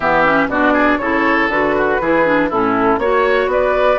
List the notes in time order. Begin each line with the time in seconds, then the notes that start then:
0.00 E3 B3 G4 E5
0.24 C#4
0.47 B2 D4 F#4 D5
0.73 G#4
0.98 C#3 E4 A4 C#5
1.48 D3 F#4 B4
1.76 F#4
2.00 E3 E4 G#4
2.25 D4
2.49 A2 C#4 E4 A4
2.98 A#3 F#4 C#5
3.47 B3 B4 D5